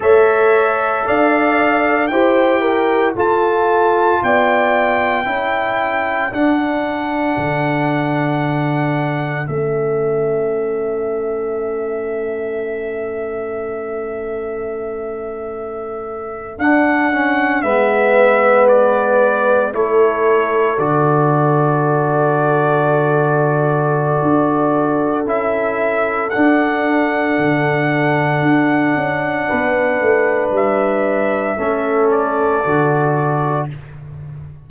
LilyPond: <<
  \new Staff \with { instrumentName = "trumpet" } { \time 4/4 \tempo 4 = 57 e''4 f''4 g''4 a''4 | g''2 fis''2~ | fis''4 e''2.~ | e''2.~ e''8. fis''16~ |
fis''8. e''4 d''4 cis''4 d''16~ | d''1 | e''4 fis''2.~ | fis''4 e''4. d''4. | }
  \new Staff \with { instrumentName = "horn" } { \time 4/4 cis''4 d''4 c''8 ais'8 a'4 | d''4 a'2.~ | a'1~ | a'1~ |
a'8. b'2 a'4~ a'16~ | a'1~ | a'1 | b'2 a'2 | }
  \new Staff \with { instrumentName = "trombone" } { \time 4/4 a'2 g'4 f'4~ | f'4 e'4 d'2~ | d'4 cis'2.~ | cis'2.~ cis'8. d'16~ |
d'16 cis'8 b2 e'4 fis'16~ | fis'1 | e'4 d'2.~ | d'2 cis'4 fis'4 | }
  \new Staff \with { instrumentName = "tuba" } { \time 4/4 a4 d'4 e'4 f'4 | b4 cis'4 d'4 d4~ | d4 a2.~ | a2.~ a8. d'16~ |
d'8. gis2 a4 d16~ | d2. d'4 | cis'4 d'4 d4 d'8 cis'8 | b8 a8 g4 a4 d4 | }
>>